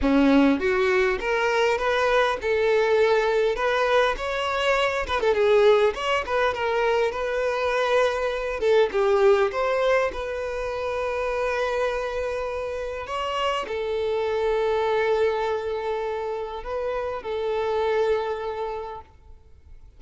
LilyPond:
\new Staff \with { instrumentName = "violin" } { \time 4/4 \tempo 4 = 101 cis'4 fis'4 ais'4 b'4 | a'2 b'4 cis''4~ | cis''8 b'16 a'16 gis'4 cis''8 b'8 ais'4 | b'2~ b'8 a'8 g'4 |
c''4 b'2.~ | b'2 cis''4 a'4~ | a'1 | b'4 a'2. | }